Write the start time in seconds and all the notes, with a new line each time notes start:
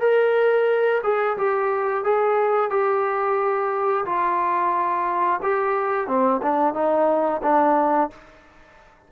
0.00 A#4
1.03 G#4
1.37 G4
2.04 G#4
2.70 G4
4.05 F4
5.42 G4
6.07 C4
6.42 D4
6.74 D#4
7.42 D4